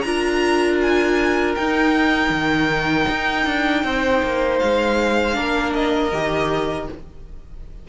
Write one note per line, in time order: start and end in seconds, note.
0.00 1.56 D4
0.00 1.56 F4
0.00 0.76 A#5
0.06 3.84 A#4
0.81 1.55 G#5
1.55 2.29 D#4
1.55 5.33 D#4
1.55 4.59 G5
2.29 3.05 D#3
3.09 3.45 D#4
3.45 3.83 D4
3.84 4.22 C4
3.84 5.35 C5
4.22 4.60 A#3
4.59 5.38 G#3
4.59 5.73 F5
5.33 6.12 A#3
5.33 6.09 D4
5.33 6.87 A#4
5.73 6.87 D#5
6.12 6.88 D#3
6.12 6.88 G4